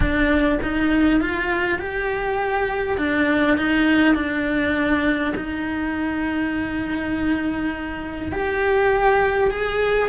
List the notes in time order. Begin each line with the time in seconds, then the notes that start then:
0.00 D4
0.62 D#4
1.20 F4
1.78 G4
2.97 D4
3.57 D#4
4.14 D4
5.36 D#4
8.31 G4
9.50 G#4